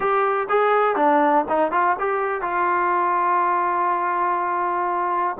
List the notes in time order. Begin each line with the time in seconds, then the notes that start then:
0.00 G4
0.49 G#4
0.96 D4
1.48 D#4
1.71 F4
1.99 G4
2.41 F4